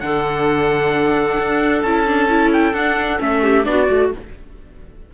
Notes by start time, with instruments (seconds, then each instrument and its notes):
0.00 cello D3, viola D4, clarinet A4, trumpet F#5
1.38 cello D4
1.82 cello C#4, viola E4, trumpet A5
2.06 viola D4
2.29 viola E4
2.53 trumpet G5
2.73 viola D4, cello D4, trumpet F#5
3.19 cello A3, viola C#4, trumpet E5
3.42 clarinet G4
3.63 cello B3, viola D4, clarinet F#4, trumpet D5
3.86 cello A3, viola F#4